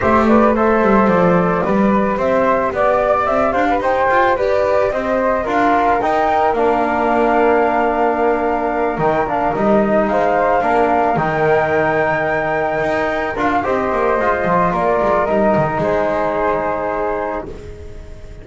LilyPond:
<<
  \new Staff \with { instrumentName = "flute" } { \time 4/4 \tempo 4 = 110 e''8 d''8 e''4 d''2 | e''4 d''4 e''8 f''8 g''4 | d''4 dis''4 f''4 g''4 | f''1~ |
f''8 g''8 f''8 dis''4 f''4.~ | f''8 g''2.~ g''8~ | g''8 f''8 dis''2 d''4 | dis''4 c''2. | }
  \new Staff \with { instrumentName = "flute" } { \time 4/4 c''8 b'8 c''2 b'4 | c''4 d''4. c''16 b'16 c''4 | b'4 c''4 ais'2~ | ais'1~ |
ais'2~ ais'8 c''4 ais'8~ | ais'1~ | ais'4 c''2 ais'4~ | ais'4 gis'2. | }
  \new Staff \with { instrumentName = "trombone" } { \time 4/4 g'4 a'2 g'4~ | g'1~ | g'2 f'4 dis'4 | d'1~ |
d'8 dis'8 d'8 dis'2 d'8~ | d'8 dis'2.~ dis'8~ | dis'8 f'8 g'4 f'2 | dis'1 | }
  \new Staff \with { instrumentName = "double bass" } { \time 4/4 a4. g8 f4 g4 | c'4 b4 c'8 d'8 dis'8 f'8 | g'4 c'4 d'4 dis'4 | ais1~ |
ais8 dis4 g4 gis4 ais8~ | ais8 dis2. dis'8~ | dis'8 d'8 c'8 ais8 gis8 f8 ais8 gis8 | g8 dis8 gis2. | }
>>